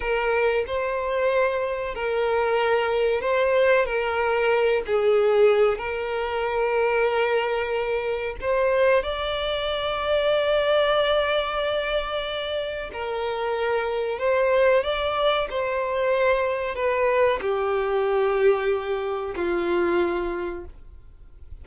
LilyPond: \new Staff \with { instrumentName = "violin" } { \time 4/4 \tempo 4 = 93 ais'4 c''2 ais'4~ | ais'4 c''4 ais'4. gis'8~ | gis'4 ais'2.~ | ais'4 c''4 d''2~ |
d''1 | ais'2 c''4 d''4 | c''2 b'4 g'4~ | g'2 f'2 | }